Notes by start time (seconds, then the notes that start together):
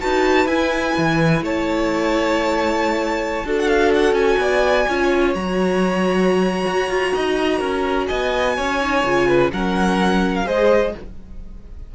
0.00 D#4 F#4 B4 A5
0.46 E4 G#5
0.98 E3
1.42 A3 C#5 A5
3.45 D4 F#4 A4
3.59 F#5
3.68 F5
3.95 F#5
4.13 C#4 G#5
4.38 B3 D5
4.89 C#4 F4 C#5
5.35 F#3 F#4 A#5
6.67 F#4
6.90 F4
7.14 D#4 D#5
7.59 C#4 A#4
8.07 B3 D#5 G#5
8.57 C#4 C#5
8.81 D#4
9.04 C#3 F4
9.28 B4
9.53 F#3 C#4 A#4 F#5
10.36 F5
10.45 G#3 G#4 C5 D#5